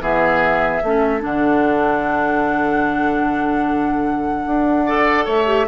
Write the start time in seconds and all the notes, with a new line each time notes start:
0.00 E3 B3 G#4 E5
0.83 A3 C#4 A4
1.20 D3 D4 F#5
4.46 D4
4.86 A4 D5
5.25 A3 C#5 E5
5.46 G4